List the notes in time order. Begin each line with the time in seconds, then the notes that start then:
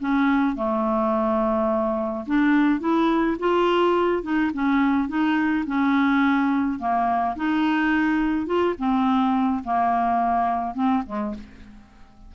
0.00 C#4
0.55 A3
2.26 D4
2.80 E4
3.39 F4
4.22 D#4
4.53 C#4
5.08 D#4
5.66 C#4
6.79 A#3
7.36 D#4
8.46 F4
8.78 C4
9.64 A#3
10.74 C4
11.06 G#3